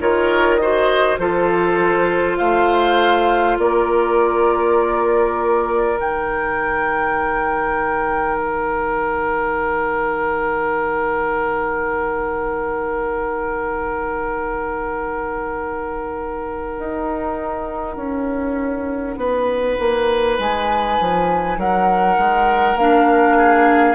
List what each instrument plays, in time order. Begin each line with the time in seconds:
0.00 bassoon D#3, clarinet F4, oboe A#4, flute C#5
0.57 clarinet F#4, oboe C5, flute D#5
1.18 bassoon F3, clarinet F4, oboe A4, flute C5
2.38 bassoon A3, oboe C5, flute F5
3.58 bassoon A#3, oboe A#4, flute D5
5.97 bassoon D#3, clarinet D#4, flute G5
8.38 flute F#5
16.79 bassoon D#4
17.96 bassoon C#4
19.16 bassoon B3, oboe B4
19.79 bassoon A#3
20.39 bassoon G#3, flute G#5
21.00 bassoon F3
21.58 bassoon F#3, oboe A#4, flute F#5
22.18 bassoon G#3
22.75 bassoon A#3, clarinet D4, flute F5
23.37 oboe G#4